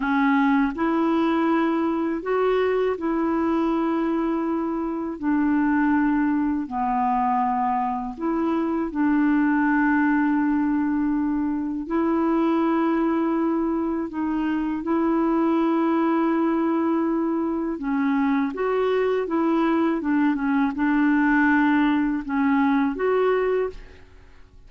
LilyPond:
\new Staff \with { instrumentName = "clarinet" } { \time 4/4 \tempo 4 = 81 cis'4 e'2 fis'4 | e'2. d'4~ | d'4 b2 e'4 | d'1 |
e'2. dis'4 | e'1 | cis'4 fis'4 e'4 d'8 cis'8 | d'2 cis'4 fis'4 | }